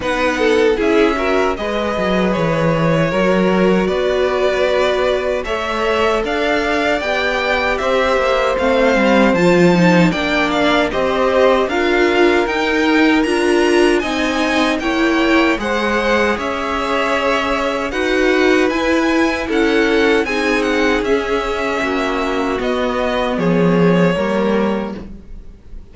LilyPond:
<<
  \new Staff \with { instrumentName = "violin" } { \time 4/4 \tempo 4 = 77 fis''4 e''4 dis''4 cis''4~ | cis''4 d''2 e''4 | f''4 g''4 e''4 f''4 | a''4 g''8 f''8 dis''4 f''4 |
g''4 ais''4 gis''4 g''4 | fis''4 e''2 fis''4 | gis''4 fis''4 gis''8 fis''8 e''4~ | e''4 dis''4 cis''2 | }
  \new Staff \with { instrumentName = "violin" } { \time 4/4 b'8 a'8 gis'8 ais'8 b'2 | ais'4 b'2 cis''4 | d''2 c''2~ | c''4 d''4 c''4 ais'4~ |
ais'2 dis''4 cis''4 | c''4 cis''2 b'4~ | b'4 a'4 gis'2 | fis'2 gis'4 ais'4 | }
  \new Staff \with { instrumentName = "viola" } { \time 4/4 dis'4 e'8 fis'8 gis'2 | fis'2. a'4~ | a'4 g'2 c'4 | f'8 dis'8 d'4 g'4 f'4 |
dis'4 f'4 dis'4 e'4 | gis'2. fis'4 | e'2 dis'4 cis'4~ | cis'4 b2 ais4 | }
  \new Staff \with { instrumentName = "cello" } { \time 4/4 b4 cis'4 gis8 fis8 e4 | fis4 b2 a4 | d'4 b4 c'8 ais8 a8 g8 | f4 ais4 c'4 d'4 |
dis'4 d'4 c'4 ais4 | gis4 cis'2 dis'4 | e'4 cis'4 c'4 cis'4 | ais4 b4 f4 g4 | }
>>